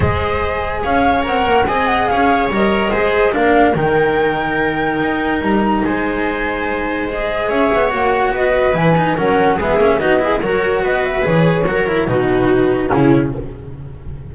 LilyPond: <<
  \new Staff \with { instrumentName = "flute" } { \time 4/4 \tempo 4 = 144 dis''2 f''4 fis''4 | gis''8 fis''8 f''4 dis''2 | f''4 g''2.~ | g''4 ais''4 gis''2~ |
gis''4 dis''4 e''4 fis''4 | dis''4 gis''4 fis''4 e''4 | dis''4 cis''4 dis''8 e''8 cis''4~ | cis''4 b'2 gis'4 | }
  \new Staff \with { instrumentName = "viola" } { \time 4/4 c''2 cis''2 | dis''4 cis''2 c''4 | ais'1~ | ais'2 c''2~ |
c''2 cis''2 | b'2 ais'4 gis'4 | fis'8 gis'8 ais'4 b'2 | ais'4 fis'2 e'4 | }
  \new Staff \with { instrumentName = "cello" } { \time 4/4 gis'2. ais'4 | gis'2 ais'4 gis'4 | d'4 dis'2.~ | dis'1~ |
dis'4 gis'2 fis'4~ | fis'4 e'8 dis'8 cis'4 b8 cis'8 | dis'8 e'8 fis'2 gis'4 | fis'8 e'8 dis'2 cis'4 | }
  \new Staff \with { instrumentName = "double bass" } { \time 4/4 gis2 cis'4 c'8 ais8 | c'4 cis'4 g4 gis4 | ais4 dis2. | dis'4 g4 gis2~ |
gis2 cis'8 b8 ais4 | b4 e4 fis4 gis8 ais8 | b4 fis4 b4 e4 | fis4 b,2 cis4 | }
>>